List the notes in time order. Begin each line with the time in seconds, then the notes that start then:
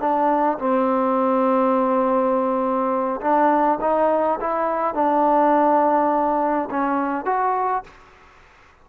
0.00 D4
0.59 C4
3.21 D4
3.81 D#4
4.41 E4
4.95 D4
6.70 C#4
7.26 F#4